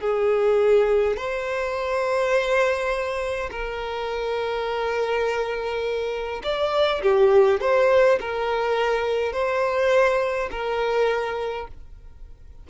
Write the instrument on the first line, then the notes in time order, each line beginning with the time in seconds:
violin
0.00 G#4
1.17 C5
3.51 A#4
6.43 D5
7.02 G4
7.60 C5
8.20 A#4
9.33 C5
10.51 A#4